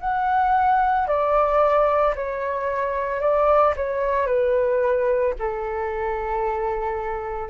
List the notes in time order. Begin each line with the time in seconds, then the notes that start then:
0.00 F#5
1.07 D5
2.15 C#5
3.20 D5
3.76 C#5
4.26 B4
5.39 A4